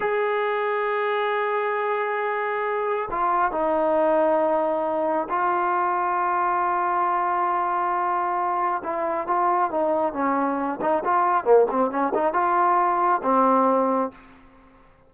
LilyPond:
\new Staff \with { instrumentName = "trombone" } { \time 4/4 \tempo 4 = 136 gis'1~ | gis'2. f'4 | dis'1 | f'1~ |
f'1 | e'4 f'4 dis'4 cis'4~ | cis'8 dis'8 f'4 ais8 c'8 cis'8 dis'8 | f'2 c'2 | }